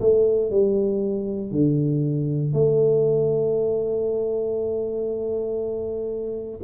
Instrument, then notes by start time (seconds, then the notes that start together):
tuba
0.00 A3
0.50 G3
1.51 D3
2.53 A3